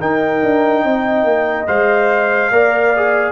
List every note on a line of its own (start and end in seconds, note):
0.00 1.67 D#4
0.00 0.42 D#4
0.00 0.84 A#4
0.00 1.67 G5
0.42 0.84 D4
0.84 1.24 C4
0.84 2.51 D#5
1.24 1.65 A#3
1.67 2.50 G#3
1.67 2.50 C5
1.67 3.32 F5
2.50 3.32 A#3
2.50 2.93 A#4
2.50 3.32 D5
2.96 3.32 G#4